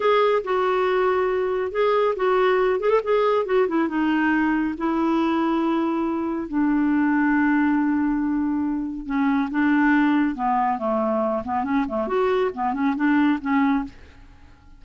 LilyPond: \new Staff \with { instrumentName = "clarinet" } { \time 4/4 \tempo 4 = 139 gis'4 fis'2. | gis'4 fis'4. gis'16 a'16 gis'4 | fis'8 e'8 dis'2 e'4~ | e'2. d'4~ |
d'1~ | d'4 cis'4 d'2 | b4 a4. b8 cis'8 a8 | fis'4 b8 cis'8 d'4 cis'4 | }